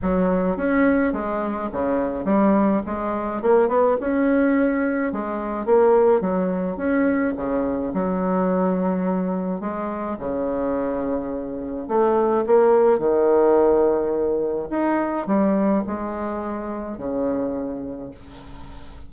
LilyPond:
\new Staff \with { instrumentName = "bassoon" } { \time 4/4 \tempo 4 = 106 fis4 cis'4 gis4 cis4 | g4 gis4 ais8 b8 cis'4~ | cis'4 gis4 ais4 fis4 | cis'4 cis4 fis2~ |
fis4 gis4 cis2~ | cis4 a4 ais4 dis4~ | dis2 dis'4 g4 | gis2 cis2 | }